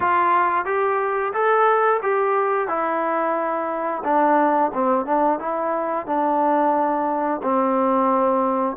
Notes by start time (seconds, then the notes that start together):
0.00 F4
0.65 G4
1.33 A4
2.02 G4
2.68 E4
4.04 D4
4.73 C4
5.05 D4
5.39 E4
6.06 D4
7.42 C4